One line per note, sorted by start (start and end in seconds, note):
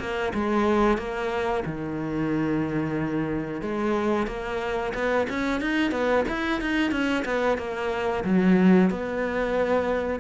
0.00 0.33 A#3
0.34 0.98 G#3
0.98 1.64 A#3
1.65 3.62 D#3
3.62 4.27 G#3
4.27 4.93 A#3
4.95 5.27 B3
5.30 5.61 C#4
5.61 5.92 D#4
5.92 6.25 B3
6.29 6.61 E4
6.61 6.91 D#4
6.91 7.24 C#4
7.25 7.58 B3
7.58 8.24 A#3
8.24 8.90 F#3
8.90 10.20 B3